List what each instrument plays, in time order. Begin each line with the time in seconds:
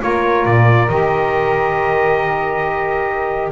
0.00 double bass A#3, saxophone F4, flute A#4, trumpet C#5
0.46 double bass A#2, trumpet D5
0.89 double bass D#3, saxophone G4, trumpet D#5